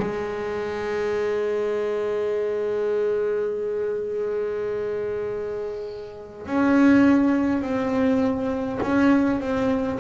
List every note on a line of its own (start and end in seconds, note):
0.00 6.47 G#3
6.47 7.62 C#4
7.62 8.80 C4
8.82 9.41 C#4
9.41 9.99 C4